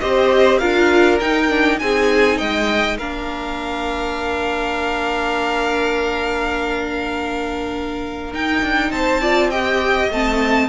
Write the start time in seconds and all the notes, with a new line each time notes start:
0.00 C4 G4 C5 D#5
0.59 D4 F4 A#4 F5
1.20 D#4 G5
1.49 D4
1.79 C4 D#4 G#4 G#5
2.38 G#3 D#5 G5
2.98 A#3 D4 A#4 F5
8.33 D#4 G5
8.62 D4
8.91 C4 C5 A5
9.22 F4 D5
9.50 G4 D#5 G5
10.10 A3 C4 A5